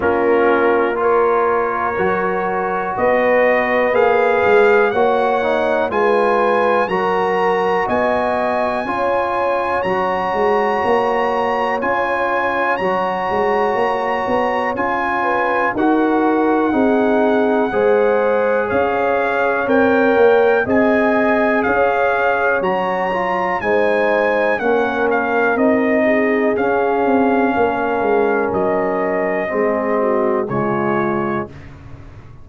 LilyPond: <<
  \new Staff \with { instrumentName = "trumpet" } { \time 4/4 \tempo 4 = 61 ais'4 cis''2 dis''4 | f''4 fis''4 gis''4 ais''4 | gis''2 ais''2 | gis''4 ais''2 gis''4 |
fis''2. f''4 | g''4 gis''4 f''4 ais''4 | gis''4 fis''8 f''8 dis''4 f''4~ | f''4 dis''2 cis''4 | }
  \new Staff \with { instrumentName = "horn" } { \time 4/4 f'4 ais'2 b'4~ | b'4 cis''4 b'4 ais'4 | dis''4 cis''2.~ | cis''2.~ cis''8 b'8 |
ais'4 gis'4 c''4 cis''4~ | cis''4 dis''4 cis''2 | c''4 ais'4. gis'4. | ais'2 gis'8 fis'8 f'4 | }
  \new Staff \with { instrumentName = "trombone" } { \time 4/4 cis'4 f'4 fis'2 | gis'4 fis'8 dis'8 f'4 fis'4~ | fis'4 f'4 fis'2 | f'4 fis'2 f'4 |
fis'4 dis'4 gis'2 | ais'4 gis'2 fis'8 f'8 | dis'4 cis'4 dis'4 cis'4~ | cis'2 c'4 gis4 | }
  \new Staff \with { instrumentName = "tuba" } { \time 4/4 ais2 fis4 b4 | ais8 gis8 ais4 gis4 fis4 | b4 cis'4 fis8 gis8 ais4 | cis'4 fis8 gis8 ais8 b8 cis'4 |
dis'4 c'4 gis4 cis'4 | c'8 ais8 c'4 cis'4 fis4 | gis4 ais4 c'4 cis'8 c'8 | ais8 gis8 fis4 gis4 cis4 | }
>>